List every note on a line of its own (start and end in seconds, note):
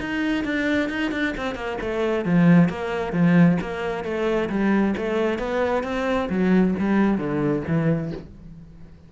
0.00 0.44 D#4
0.44 0.89 D4
0.89 1.11 D#4
1.11 1.34 D4
1.37 1.55 C4
1.55 1.77 A#3
1.81 2.25 A3
2.25 2.69 F3
2.69 3.13 A#3
3.13 3.58 F3
3.61 4.04 A#3
4.04 4.49 A3
4.49 4.95 G3
4.97 5.39 A3
5.39 5.83 B3
5.83 6.28 C4
6.29 6.75 F#3
6.79 7.18 G3
7.18 7.63 D3
7.67 8.12 E3